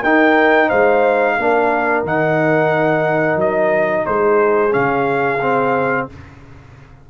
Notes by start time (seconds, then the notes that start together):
0.00 D#4 A#4 G5
0.67 G#3 C5 F5
1.37 A#3 D4 A#4
2.03 D#3 D#4 F#5
3.36 F#3 D#5
4.05 G#3 G#4 C5
4.70 C#3 C#4 F5
5.42 C4